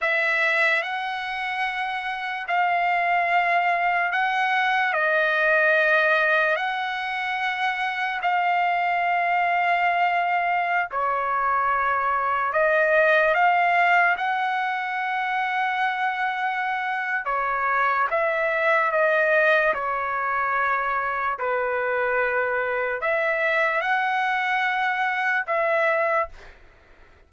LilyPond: \new Staff \with { instrumentName = "trumpet" } { \time 4/4 \tempo 4 = 73 e''4 fis''2 f''4~ | f''4 fis''4 dis''2 | fis''2 f''2~ | f''4~ f''16 cis''2 dis''8.~ |
dis''16 f''4 fis''2~ fis''8.~ | fis''4 cis''4 e''4 dis''4 | cis''2 b'2 | e''4 fis''2 e''4 | }